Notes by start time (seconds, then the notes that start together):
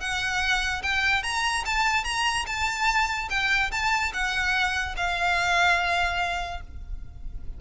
0.00 F#5
0.83 G5
1.23 A#5
1.65 A5
2.04 A#5
2.47 A5
3.30 G5
3.71 A5
4.13 F#5
4.97 F5